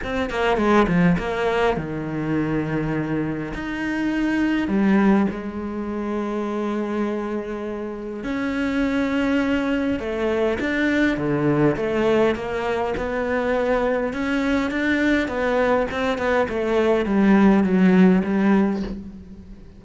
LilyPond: \new Staff \with { instrumentName = "cello" } { \time 4/4 \tempo 4 = 102 c'8 ais8 gis8 f8 ais4 dis4~ | dis2 dis'2 | g4 gis2.~ | gis2 cis'2~ |
cis'4 a4 d'4 d4 | a4 ais4 b2 | cis'4 d'4 b4 c'8 b8 | a4 g4 fis4 g4 | }